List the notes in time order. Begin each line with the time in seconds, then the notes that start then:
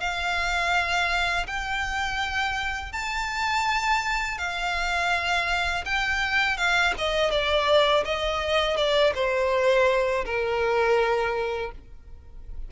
0.00 F5
1.47 G5
2.92 A5
4.38 F5
5.85 G5
6.57 F5
6.98 D#5
7.31 D5
8.05 D#5
8.77 D5
9.15 C5
10.25 A#4